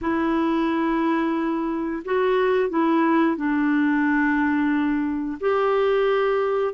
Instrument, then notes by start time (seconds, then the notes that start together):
clarinet
0.01 E4
2.04 F#4
2.69 E4
3.36 D4
5.40 G4